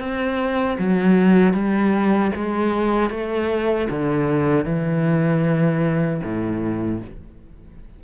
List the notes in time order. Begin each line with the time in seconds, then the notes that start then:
0.00 C4
0.79 F#3
1.54 G3
2.36 G#3
3.11 A3
3.90 D3
4.65 E3
6.24 A2